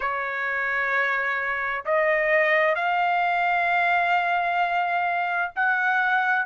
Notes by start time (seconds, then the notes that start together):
0.00 C#5
1.85 D#5
2.74 F5
5.56 F#5